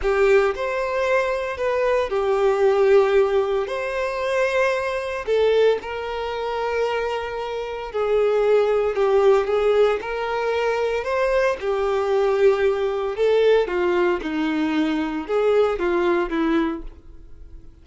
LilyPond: \new Staff \with { instrumentName = "violin" } { \time 4/4 \tempo 4 = 114 g'4 c''2 b'4 | g'2. c''4~ | c''2 a'4 ais'4~ | ais'2. gis'4~ |
gis'4 g'4 gis'4 ais'4~ | ais'4 c''4 g'2~ | g'4 a'4 f'4 dis'4~ | dis'4 gis'4 f'4 e'4 | }